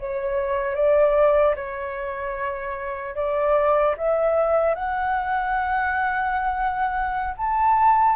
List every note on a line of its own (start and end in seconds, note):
0.00 0.75 C#5
0.75 1.55 D5
1.56 3.16 C#5
3.16 3.96 D5
3.97 4.75 E5
4.75 7.35 F#5
7.37 8.16 A5